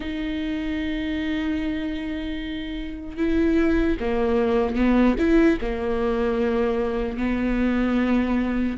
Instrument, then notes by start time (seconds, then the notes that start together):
viola
0.00 D#4
3.17 E4
4.00 A#3
4.75 B3
5.18 E4
5.61 A#3
7.17 B3